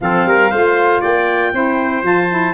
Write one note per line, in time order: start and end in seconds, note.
0.01 0.25 F3
0.01 0.53 C4
0.01 0.27 A4
0.01 1.02 F5
0.25 0.51 G3
0.25 0.50 A#4
0.50 1.02 A3
0.50 1.53 F4
0.50 1.01 C5
1.01 1.53 A#3
1.01 1.51 D5
1.01 2.04 G5
1.53 2.02 C4
1.53 2.02 E4
1.53 2.53 C5
2.02 2.53 F3
2.02 2.28 F4
2.02 2.53 A5
2.29 2.53 E4